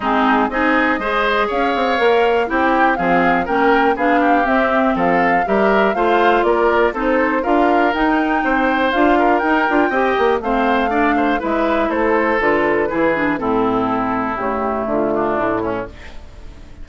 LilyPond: <<
  \new Staff \with { instrumentName = "flute" } { \time 4/4 \tempo 4 = 121 gis'4 dis''2 f''4~ | f''4 g''4 f''4 g''4 | f''4 e''4 f''4 e''4 | f''4 d''4 c''4 f''4 |
g''2 f''4 g''4~ | g''4 f''2 e''4 | c''4 b'2 a'4~ | a'4 g'4 f'4 e'4 | }
  \new Staff \with { instrumentName = "oboe" } { \time 4/4 dis'4 gis'4 c''4 cis''4~ | cis''4 g'4 gis'4 ais'4 | gis'8 g'4. a'4 ais'4 | c''4 ais'4 a'4 ais'4~ |
ais'4 c''4. ais'4. | dis''4 c''4 d''8 c''8 b'4 | a'2 gis'4 e'4~ | e'2~ e'8 d'4 cis'8 | }
  \new Staff \with { instrumentName = "clarinet" } { \time 4/4 c'4 dis'4 gis'2 | ais'4 e'4 c'4 cis'4 | d'4 c'2 g'4 | f'2 dis'4 f'4 |
dis'2 f'4 dis'8 f'8 | g'4 c'4 d'4 e'4~ | e'4 f'4 e'8 d'8 c'4~ | c'4 a2. | }
  \new Staff \with { instrumentName = "bassoon" } { \time 4/4 gis4 c'4 gis4 cis'8 c'8 | ais4 c'4 f4 ais4 | b4 c'4 f4 g4 | a4 ais4 c'4 d'4 |
dis'4 c'4 d'4 dis'8 d'8 | c'8 ais8 a2 gis4 | a4 d4 e4 a,4~ | a,4 cis4 d4 a,4 | }
>>